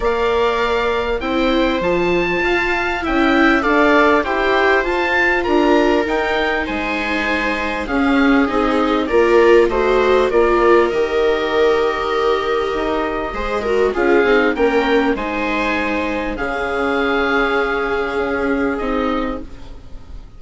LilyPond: <<
  \new Staff \with { instrumentName = "oboe" } { \time 4/4 \tempo 4 = 99 f''2 g''4 a''4~ | a''4 g''4 f''4 g''4 | a''4 ais''4 g''4 gis''4~ | gis''4 f''4 dis''4 d''4 |
dis''4 d''4 dis''2~ | dis''2. f''4 | g''4 gis''2 f''4~ | f''2. dis''4 | }
  \new Staff \with { instrumentName = "viola" } { \time 4/4 d''2 c''2 | f''4 e''4 d''4 c''4~ | c''4 ais'2 c''4~ | c''4 gis'2 ais'4 |
c''4 ais'2.~ | ais'2 c''8 ais'8 gis'4 | ais'4 c''2 gis'4~ | gis'1 | }
  \new Staff \with { instrumentName = "viola" } { \time 4/4 ais'2 e'4 f'4~ | f'4 e'4 a'4 g'4 | f'2 dis'2~ | dis'4 cis'4 dis'4 f'4 |
fis'4 f'4 g'2~ | g'2 gis'8 fis'8 f'8 dis'8 | cis'4 dis'2 cis'4~ | cis'2. dis'4 | }
  \new Staff \with { instrumentName = "bassoon" } { \time 4/4 ais2 c'4 f4 | f'4 cis'4 d'4 e'4 | f'4 d'4 dis'4 gis4~ | gis4 cis'4 c'4 ais4 |
a4 ais4 dis2~ | dis4 dis'4 gis4 cis'8 c'8 | ais4 gis2 cis4~ | cis2 cis'4 c'4 | }
>>